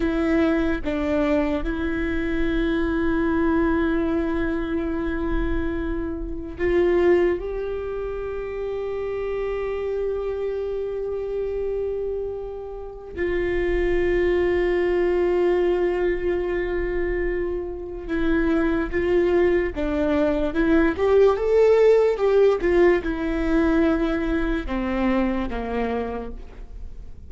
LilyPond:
\new Staff \with { instrumentName = "viola" } { \time 4/4 \tempo 4 = 73 e'4 d'4 e'2~ | e'1 | f'4 g'2.~ | g'1 |
f'1~ | f'2 e'4 f'4 | d'4 e'8 g'8 a'4 g'8 f'8 | e'2 c'4 ais4 | }